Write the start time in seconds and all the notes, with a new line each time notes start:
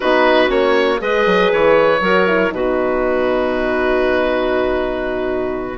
0.00 B3 D#4 F#4 B4
0.47 A#3 C#4 C#5
0.98 G#3 G#4 B4 D#5
1.25 F#3
1.52 E3 C#5
2.00 F#3 F#4 A#4
2.27 E4
2.50 B2 D#4 F#4 B4